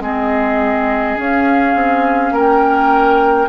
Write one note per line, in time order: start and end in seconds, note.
0.00 1.15 G#3
0.00 1.16 C4
0.00 2.33 G#4
0.00 1.19 D#5
1.16 3.47 C#4
1.16 1.74 C#4
1.16 2.35 F5
1.74 2.31 C4
2.31 3.47 A#3
2.31 3.48 A#4
2.31 3.48 G5